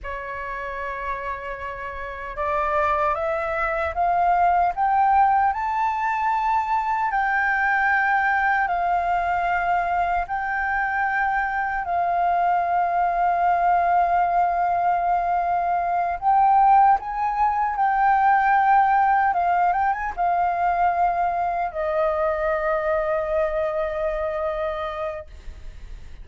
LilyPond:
\new Staff \with { instrumentName = "flute" } { \time 4/4 \tempo 4 = 76 cis''2. d''4 | e''4 f''4 g''4 a''4~ | a''4 g''2 f''4~ | f''4 g''2 f''4~ |
f''1~ | f''8 g''4 gis''4 g''4.~ | g''8 f''8 g''16 gis''16 f''2 dis''8~ | dis''1 | }